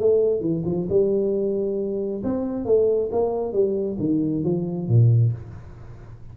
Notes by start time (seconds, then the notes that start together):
0.00 A3
0.41 E3
0.65 F3
0.89 G3
2.24 C4
2.65 A3
3.12 A#3
3.53 G3
3.99 D#3
4.44 F3
4.88 A#2